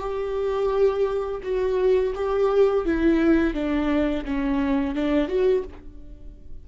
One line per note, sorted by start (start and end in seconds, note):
0.00 1.41 G4
1.43 2.14 F#4
2.16 2.86 G4
2.86 3.54 E4
3.54 4.25 D4
4.25 4.95 C#4
4.95 5.29 D4
5.29 5.64 F#4